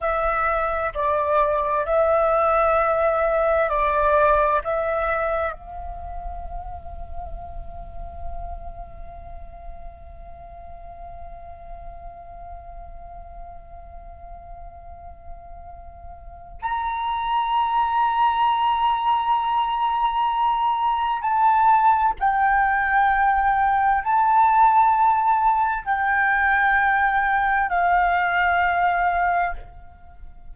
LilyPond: \new Staff \with { instrumentName = "flute" } { \time 4/4 \tempo 4 = 65 e''4 d''4 e''2 | d''4 e''4 f''2~ | f''1~ | f''1~ |
f''2 ais''2~ | ais''2. a''4 | g''2 a''2 | g''2 f''2 | }